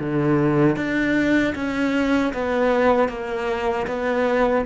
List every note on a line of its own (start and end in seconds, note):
0.00 0.76 D3
0.76 1.54 D4
1.55 2.33 C#4
2.33 3.09 B3
3.09 3.86 A#3
3.87 4.65 B3